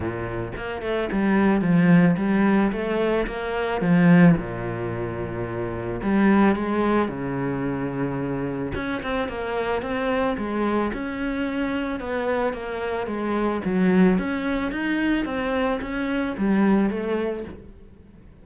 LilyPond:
\new Staff \with { instrumentName = "cello" } { \time 4/4 \tempo 4 = 110 ais,4 ais8 a8 g4 f4 | g4 a4 ais4 f4 | ais,2. g4 | gis4 cis2. |
cis'8 c'8 ais4 c'4 gis4 | cis'2 b4 ais4 | gis4 fis4 cis'4 dis'4 | c'4 cis'4 g4 a4 | }